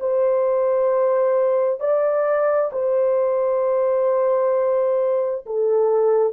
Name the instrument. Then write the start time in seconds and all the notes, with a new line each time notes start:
horn
0.00 C5
1.80 D5
2.72 C5
5.46 A4